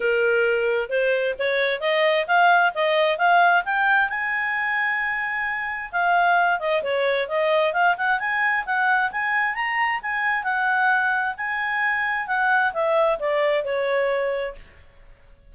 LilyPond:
\new Staff \with { instrumentName = "clarinet" } { \time 4/4 \tempo 4 = 132 ais'2 c''4 cis''4 | dis''4 f''4 dis''4 f''4 | g''4 gis''2.~ | gis''4 f''4. dis''8 cis''4 |
dis''4 f''8 fis''8 gis''4 fis''4 | gis''4 ais''4 gis''4 fis''4~ | fis''4 gis''2 fis''4 | e''4 d''4 cis''2 | }